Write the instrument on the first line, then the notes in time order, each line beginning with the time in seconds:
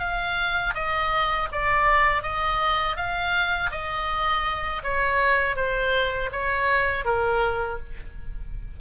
oboe
0.00 F5
0.75 D#5
1.52 D5
2.23 D#5
2.97 F5
3.72 D#5
4.84 C#5
5.57 C5
6.33 C#5
7.05 A#4